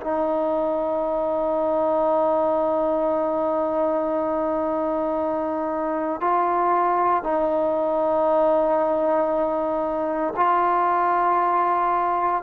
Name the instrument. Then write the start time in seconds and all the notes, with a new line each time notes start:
trombone
0.00 D#4
6.21 F4
7.23 D#4
10.36 F4